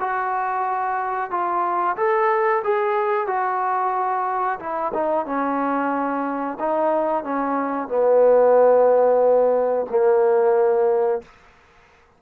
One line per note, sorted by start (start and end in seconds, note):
0.00 1.30 F#4
1.30 1.96 F4
1.97 2.63 A4
2.64 3.27 G#4
3.27 4.59 F#4
4.59 4.92 E4
4.94 5.26 D#4
5.26 6.58 C#4
6.59 7.24 D#4
7.24 7.88 C#4
7.88 9.86 B3
9.90 11.22 A#3